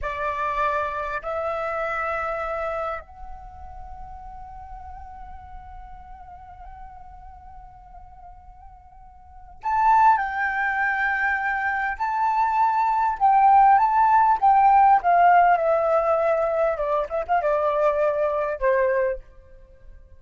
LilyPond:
\new Staff \with { instrumentName = "flute" } { \time 4/4 \tempo 4 = 100 d''2 e''2~ | e''4 fis''2.~ | fis''1~ | fis''1 |
a''4 g''2. | a''2 g''4 a''4 | g''4 f''4 e''2 | d''8 e''16 f''16 d''2 c''4 | }